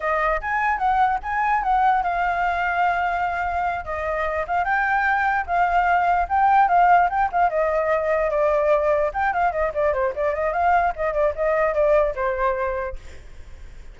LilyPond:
\new Staff \with { instrumentName = "flute" } { \time 4/4 \tempo 4 = 148 dis''4 gis''4 fis''4 gis''4 | fis''4 f''2.~ | f''4. dis''4. f''8 g''8~ | g''4. f''2 g''8~ |
g''8 f''4 g''8 f''8 dis''4.~ | dis''8 d''2 g''8 f''8 dis''8 | d''8 c''8 d''8 dis''8 f''4 dis''8 d''8 | dis''4 d''4 c''2 | }